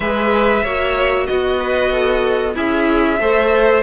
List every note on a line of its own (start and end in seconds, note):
0.00 0.62 G#3
0.00 0.65 G#4
0.00 0.63 B4
0.00 1.26 E5
0.63 1.28 A#3
0.63 1.59 F#4
0.63 1.27 C#5
1.26 2.56 B3
1.26 2.54 F#4
1.26 2.54 D#5
1.59 1.91 B4
1.91 2.55 A4
2.54 3.19 C#4
2.54 3.18 E4
2.54 3.19 G#4
2.54 3.82 E5
3.19 3.82 A3
3.19 3.82 A4
3.19 3.82 C5